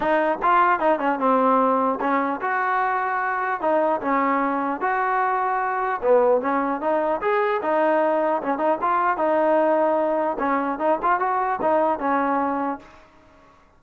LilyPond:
\new Staff \with { instrumentName = "trombone" } { \time 4/4 \tempo 4 = 150 dis'4 f'4 dis'8 cis'8 c'4~ | c'4 cis'4 fis'2~ | fis'4 dis'4 cis'2 | fis'2. b4 |
cis'4 dis'4 gis'4 dis'4~ | dis'4 cis'8 dis'8 f'4 dis'4~ | dis'2 cis'4 dis'8 f'8 | fis'4 dis'4 cis'2 | }